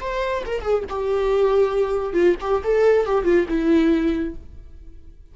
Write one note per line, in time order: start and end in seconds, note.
0.00 0.43 C5
0.45 0.61 A#4
0.61 0.83 G#4
0.89 2.13 G4
2.13 2.35 F4
2.41 2.62 G4
2.64 3.06 A4
3.06 3.24 G4
3.24 3.46 F4
3.48 4.35 E4